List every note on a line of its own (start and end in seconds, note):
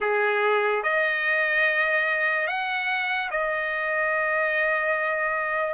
0.00 0.83 G#4
0.83 2.47 D#5
2.47 3.29 F#5
3.31 5.73 D#5